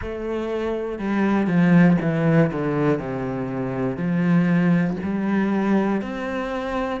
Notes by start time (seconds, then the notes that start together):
0.01 A3
0.99 G3
1.47 F3
2.01 E3
2.52 D3
2.99 C3
3.96 F3
5.03 G3
6.01 C4